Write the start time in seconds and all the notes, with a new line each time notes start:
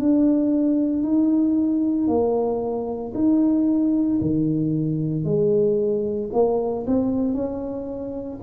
0.00 D4
1.03 D#4
2.08 A#3
3.15 D#4
4.22 D#3
5.25 G#3
6.33 A#3
6.87 C4
7.34 C#4